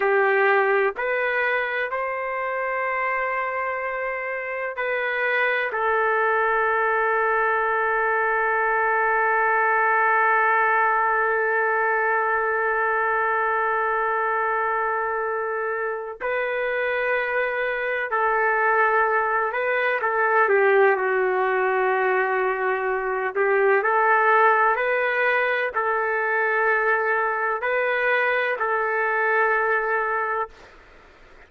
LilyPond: \new Staff \with { instrumentName = "trumpet" } { \time 4/4 \tempo 4 = 63 g'4 b'4 c''2~ | c''4 b'4 a'2~ | a'1~ | a'1~ |
a'4 b'2 a'4~ | a'8 b'8 a'8 g'8 fis'2~ | fis'8 g'8 a'4 b'4 a'4~ | a'4 b'4 a'2 | }